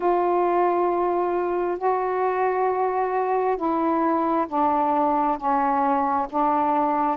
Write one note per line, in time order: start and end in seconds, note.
0.00 1.77 F4
1.77 3.56 F#4
3.56 4.46 E4
4.48 5.37 D4
5.37 6.27 C#4
6.29 7.17 D4